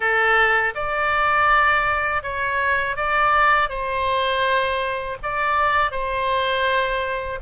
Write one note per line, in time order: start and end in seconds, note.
0.00 0.73 A4
0.74 2.22 D5
2.22 2.96 C#5
2.96 3.69 D5
3.69 5.17 C5
5.22 5.91 D5
5.91 7.39 C5